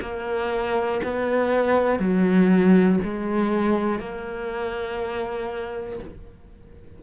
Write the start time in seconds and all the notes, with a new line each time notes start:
0.00 A#3
1.03 B3
1.99 F#3
3.03 G#3
3.99 A#3